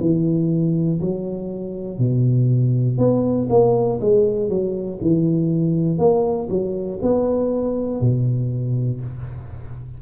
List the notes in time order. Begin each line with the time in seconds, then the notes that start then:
0.00 E3
1.00 F#3
1.98 B2
2.98 B3
3.49 A#3
4.00 G#3
4.49 F#3
5.01 E3
5.98 A#3
6.49 F#3
7.01 B3
8.00 B2